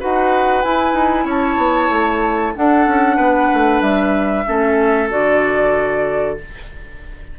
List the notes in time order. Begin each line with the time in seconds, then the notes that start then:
0.00 D#4 F#4 B4 F#5
0.63 E4 G#5
0.94 D#4
1.25 C#4 C#5 A5
1.57 B3
1.90 A3
2.55 D4 A4 F#5
2.87 C#4
3.17 B3 B4
3.54 A3
3.82 G3 E5
4.45 A3 C#4 A4
5.10 D3 F#4 D5